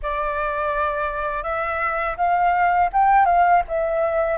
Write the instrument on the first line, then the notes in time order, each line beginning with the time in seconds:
flute
0.02 D5
1.43 E5
2.17 F5
2.93 G5
3.25 F5
3.68 E5